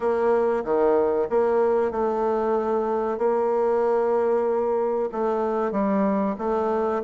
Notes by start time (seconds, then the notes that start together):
0.00 A#3
0.64 D#3
1.29 A#3
1.91 A3
3.18 A#3
5.12 A3
5.71 G3
6.38 A3